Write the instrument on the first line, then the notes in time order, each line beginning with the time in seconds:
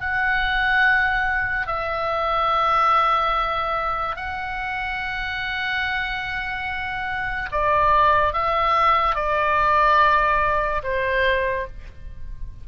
oboe
0.00 F#5
1.66 E5
4.16 F#5
7.52 D5
8.33 E5
9.15 D5
10.83 C5